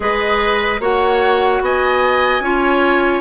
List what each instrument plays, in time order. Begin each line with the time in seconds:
0.00 bassoon G#3, clarinet G#4, oboe B4, flute D#5
0.79 bassoon A#3, clarinet F#4, oboe C#5, flute F#5
1.61 bassoon B3, oboe D#5, flute G#5
2.40 bassoon C#4, clarinet F4, oboe C#5